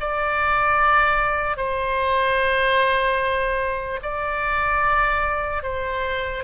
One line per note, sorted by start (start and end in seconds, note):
0.00 1.57 D5
1.57 4.00 C5
4.02 5.63 D5
5.63 6.44 C5